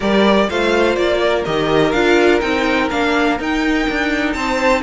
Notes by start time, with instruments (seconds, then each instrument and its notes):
0.00 cello G3, viola G4, violin A#4 D5
0.49 cello A3, viola F4, violin C5 F5
0.95 cello A#3, violin D5
1.21 violin A#4
1.45 cello D#3, viola G4, violin D#5
1.91 cello D4, viola F4, violin F5
2.40 cello C4, viola D#4, violin G5
2.90 cello A#3, viola D4, violin F5
3.39 cello D#4, viola D#4, violin G5
3.89 cello D4
4.32 cello C4, violin C5 A5